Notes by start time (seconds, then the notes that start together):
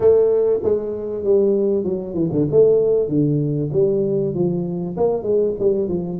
0.00 A3
0.63 G#3
1.23 G3
1.84 F#3
2.13 E3
2.31 D3
2.51 A3
3.08 D3
3.73 G3
4.34 F3
4.97 A#3
5.22 G#3
5.59 G3
5.88 F3